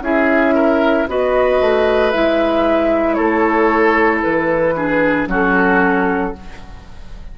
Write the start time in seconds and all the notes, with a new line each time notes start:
0.00 C#4 E4 G#4 E5
0.55 A#4
1.08 B3 F#4 B4 D#5
1.61 A3
2.11 G#3 E4 E5
3.14 A3 A4 C#5
4.23 E3 B4
4.76 D4 G#4
5.27 F#3 C#4 F#4 A4